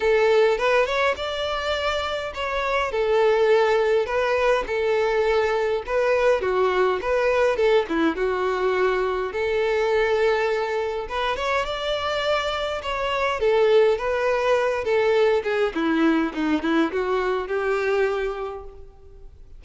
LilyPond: \new Staff \with { instrumentName = "violin" } { \time 4/4 \tempo 4 = 103 a'4 b'8 cis''8 d''2 | cis''4 a'2 b'4 | a'2 b'4 fis'4 | b'4 a'8 e'8 fis'2 |
a'2. b'8 cis''8 | d''2 cis''4 a'4 | b'4. a'4 gis'8 e'4 | dis'8 e'8 fis'4 g'2 | }